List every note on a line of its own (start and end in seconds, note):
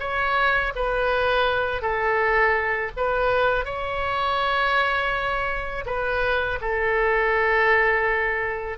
0.00 0.73 C#5
0.75 1.82 B4
1.82 2.92 A4
2.97 3.65 B4
3.65 5.85 C#5
5.86 6.59 B4
6.61 8.78 A4